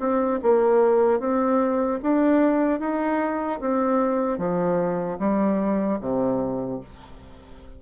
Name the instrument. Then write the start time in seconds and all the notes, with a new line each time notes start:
bassoon
0.00 C4
0.43 A#3
1.20 C4
2.03 D4
2.80 D#4
3.61 C4
4.39 F3
5.19 G3
6.01 C3